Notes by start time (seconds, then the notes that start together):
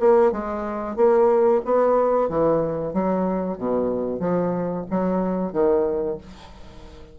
0.00 A#3
0.32 G#3
0.97 A#3
1.65 B3
2.29 E3
2.93 F#3
3.58 B2
4.20 F3
4.90 F#3
5.53 D#3